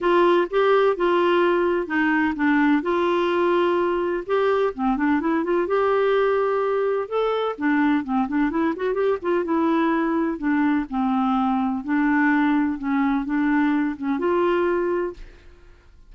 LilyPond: \new Staff \with { instrumentName = "clarinet" } { \time 4/4 \tempo 4 = 127 f'4 g'4 f'2 | dis'4 d'4 f'2~ | f'4 g'4 c'8 d'8 e'8 f'8 | g'2. a'4 |
d'4 c'8 d'8 e'8 fis'8 g'8 f'8 | e'2 d'4 c'4~ | c'4 d'2 cis'4 | d'4. cis'8 f'2 | }